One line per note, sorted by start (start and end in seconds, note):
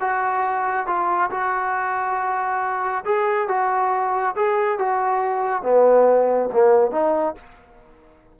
0.00 0.87 F#4
0.87 1.30 F4
1.30 3.04 F#4
3.05 3.48 G#4
3.48 4.35 F#4
4.36 4.78 G#4
4.78 5.62 F#4
5.62 6.49 B3
6.53 6.92 A#3
6.92 7.35 D#4